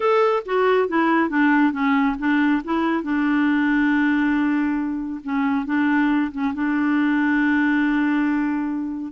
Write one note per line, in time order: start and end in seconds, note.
0.00 0.43 A4
0.45 0.88 F#4
0.88 1.29 E4
1.29 1.72 D4
1.72 2.15 C#4
2.18 2.62 D4
2.64 3.03 E4
3.03 5.20 D4
5.23 5.65 C#4
5.65 6.31 D4
6.31 6.53 C#4
6.54 9.12 D4